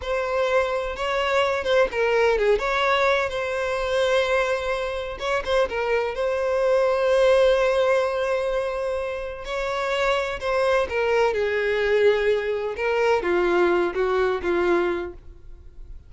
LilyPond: \new Staff \with { instrumentName = "violin" } { \time 4/4 \tempo 4 = 127 c''2 cis''4. c''8 | ais'4 gis'8 cis''4. c''4~ | c''2. cis''8 c''8 | ais'4 c''2.~ |
c''1 | cis''2 c''4 ais'4 | gis'2. ais'4 | f'4. fis'4 f'4. | }